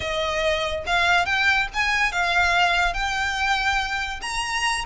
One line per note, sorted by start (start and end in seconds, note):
0.00 0.84 D#5
0.86 1.25 F5
1.25 1.67 G5
1.73 2.12 G#5
2.12 2.93 F5
2.93 4.20 G5
4.21 4.85 A#5